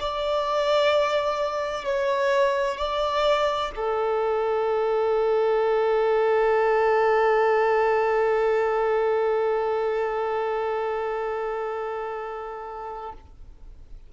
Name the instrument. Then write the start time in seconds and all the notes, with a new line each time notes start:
violin
0.00 D5
1.85 C#5
2.77 D5
3.75 A4